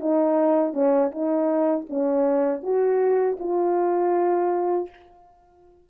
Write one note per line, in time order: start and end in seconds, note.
0.00 0.74 D#4
0.74 1.11 C#4
1.11 1.86 D#4
1.90 2.62 C#4
2.62 3.38 F#4
3.40 4.90 F4